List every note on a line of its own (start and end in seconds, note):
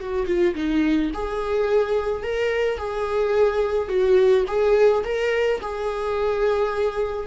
0.00 0.27 F#4
0.27 0.55 F4
0.55 1.11 D#4
1.14 2.23 G#4
2.23 2.78 A#4
2.78 3.89 G#4
3.89 4.45 F#4
4.47 5.03 G#4
5.04 5.60 A#4
5.61 7.27 G#4